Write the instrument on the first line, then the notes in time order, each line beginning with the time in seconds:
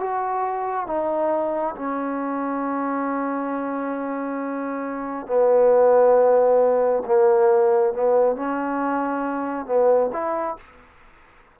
trombone
0.00 F#4
0.87 D#4
1.75 C#4
5.26 B3
7.06 A#3
7.93 B3
8.36 C#4
9.66 B3
10.13 E4